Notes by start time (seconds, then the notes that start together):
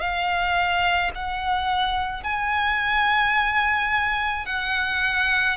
0.00 F5
1.15 F#5
2.23 G#5
4.45 F#5